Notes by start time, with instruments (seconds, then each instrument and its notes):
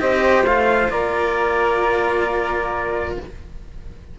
0.00 cello C4 G4, flute C5, trumpet D#5
0.43 cello A3 F4, trumpet F5
0.90 cello A#3, flute A#4, trumpet D5